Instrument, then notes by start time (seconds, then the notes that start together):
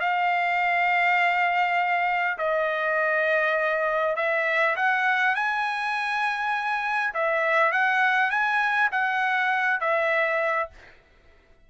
trumpet
0.00 F5
2.38 D#5
4.16 E5
4.76 F#5
5.35 G#5
7.14 E5
7.72 F#5
8.30 G#5
8.91 F#5
9.80 E5